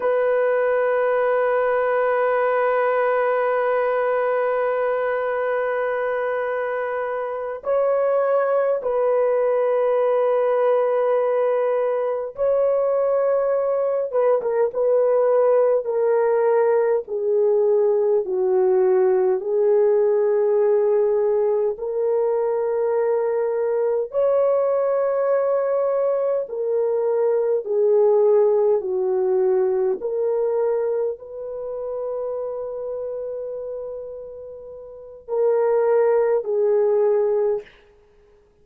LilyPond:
\new Staff \with { instrumentName = "horn" } { \time 4/4 \tempo 4 = 51 b'1~ | b'2~ b'8 cis''4 b'8~ | b'2~ b'8 cis''4. | b'16 ais'16 b'4 ais'4 gis'4 fis'8~ |
fis'8 gis'2 ais'4.~ | ais'8 cis''2 ais'4 gis'8~ | gis'8 fis'4 ais'4 b'4.~ | b'2 ais'4 gis'4 | }